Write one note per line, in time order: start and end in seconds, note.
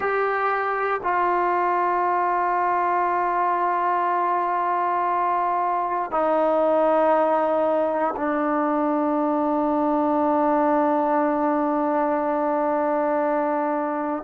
0.00 1.00 G4
1.03 6.11 F4
6.11 8.14 D#4
8.16 14.23 D4